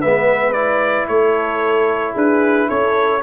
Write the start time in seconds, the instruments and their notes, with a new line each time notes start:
0.00 tuba G#3, trombone B3, horn B4, trumpet E5
0.53 trombone E4, trumpet D5
1.08 tuba A3, horn A4, trumpet C#5
2.14 tuba D4, horn G#4, trumpet B4
2.68 tuba C#4, horn A4, trumpet C#5